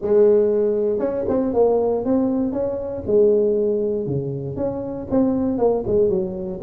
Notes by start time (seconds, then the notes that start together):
0.01 G#3
0.99 C#4
1.28 C4
1.53 A#3
2.04 C4
2.52 C#4
3.06 G#3
4.06 C#3
4.56 C#4
5.10 C4
5.58 A#3
5.86 G#3
6.09 F#3